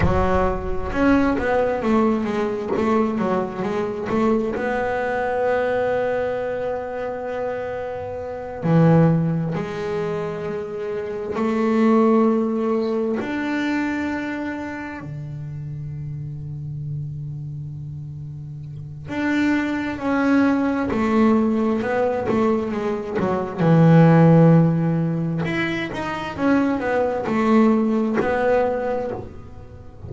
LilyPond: \new Staff \with { instrumentName = "double bass" } { \time 4/4 \tempo 4 = 66 fis4 cis'8 b8 a8 gis8 a8 fis8 | gis8 a8 b2.~ | b4. e4 gis4.~ | gis8 a2 d'4.~ |
d'8 d2.~ d8~ | d4 d'4 cis'4 a4 | b8 a8 gis8 fis8 e2 | e'8 dis'8 cis'8 b8 a4 b4 | }